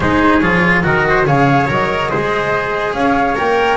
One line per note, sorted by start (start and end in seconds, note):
0.00 0.41 G#3
0.00 0.42 D#4
0.00 0.85 G#4
0.00 0.40 C5
0.40 0.84 F3
0.40 0.83 F4
0.40 0.82 C#5
0.83 1.26 D#3
0.83 1.25 F#4
0.83 1.06 A#4
0.83 1.26 D#5
1.09 1.27 C5
1.26 1.68 C#3
1.26 1.68 G#4
1.26 2.10 C#5
1.26 1.69 F5
1.68 2.11 F#3
1.68 2.09 A#4
1.68 2.94 D#5
2.09 2.93 G#3
2.09 3.35 G#4
2.09 2.95 C5
2.93 3.36 C#4
2.93 3.77 C#5
2.93 3.36 F5
3.36 3.77 A#3
3.36 3.77 A#4
3.36 3.77 G5